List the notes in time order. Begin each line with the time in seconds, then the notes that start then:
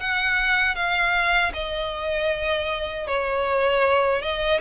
0.00 F#5
0.75 F5
1.54 D#5
3.07 C#5
4.22 D#5